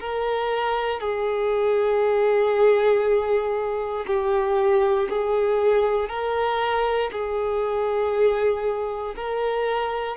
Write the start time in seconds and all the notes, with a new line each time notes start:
0.00 A#4
1.00 G#4
4.07 G4
5.10 G#4
6.09 A#4
7.12 G#4
9.16 A#4